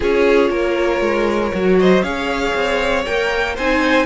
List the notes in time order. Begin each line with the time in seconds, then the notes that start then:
0.00 C#4 F4 G#4 C#5
0.49 A#3 A#4
1.01 G#3
1.53 F#3 F#4
1.79 C5 D#5
2.02 C#4 G#4 C#5 F5
2.54 C4
3.05 A#3 A#4 G5
3.55 C4 D#4 C5 G#5